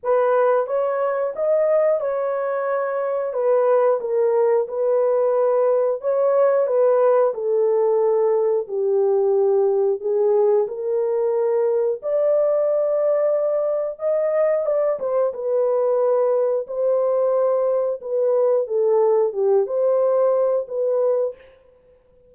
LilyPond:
\new Staff \with { instrumentName = "horn" } { \time 4/4 \tempo 4 = 90 b'4 cis''4 dis''4 cis''4~ | cis''4 b'4 ais'4 b'4~ | b'4 cis''4 b'4 a'4~ | a'4 g'2 gis'4 |
ais'2 d''2~ | d''4 dis''4 d''8 c''8 b'4~ | b'4 c''2 b'4 | a'4 g'8 c''4. b'4 | }